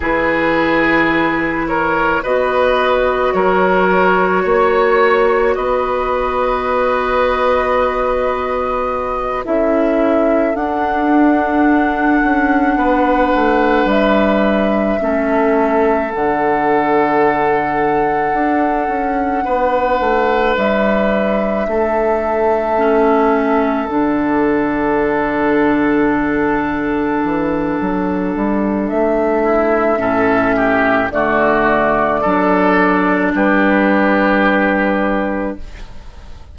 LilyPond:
<<
  \new Staff \with { instrumentName = "flute" } { \time 4/4 \tempo 4 = 54 b'4. cis''8 dis''4 cis''4~ | cis''4 dis''2.~ | dis''8 e''4 fis''2~ fis''8~ | fis''8 e''2 fis''4.~ |
fis''2~ fis''8 e''4.~ | e''4. fis''2~ fis''8~ | fis''2 e''2 | d''2 b'2 | }
  \new Staff \with { instrumentName = "oboe" } { \time 4/4 gis'4. ais'8 b'4 ais'4 | cis''4 b'2.~ | b'8 a'2. b'8~ | b'4. a'2~ a'8~ |
a'4. b'2 a'8~ | a'1~ | a'2~ a'8 e'8 a'8 g'8 | fis'4 a'4 g'2 | }
  \new Staff \with { instrumentName = "clarinet" } { \time 4/4 e'2 fis'2~ | fis'1~ | fis'8 e'4 d'2~ d'8~ | d'4. cis'4 d'4.~ |
d'1~ | d'8 cis'4 d'2~ d'8~ | d'2. cis'4 | a4 d'2. | }
  \new Staff \with { instrumentName = "bassoon" } { \time 4/4 e2 b4 fis4 | ais4 b2.~ | b8 cis'4 d'4. cis'8 b8 | a8 g4 a4 d4.~ |
d8 d'8 cis'8 b8 a8 g4 a8~ | a4. d2~ d8~ | d8 e8 fis8 g8 a4 a,4 | d4 fis4 g2 | }
>>